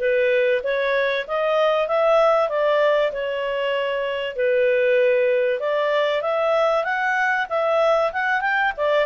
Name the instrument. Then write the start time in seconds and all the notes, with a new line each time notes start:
clarinet
0.00 B4
0.64 C#5
1.28 D#5
1.89 E5
2.50 D5
3.12 C#5
4.36 B4
5.60 D5
6.22 E5
6.85 F#5
7.50 E5
8.13 F#5
8.41 G5
8.78 D5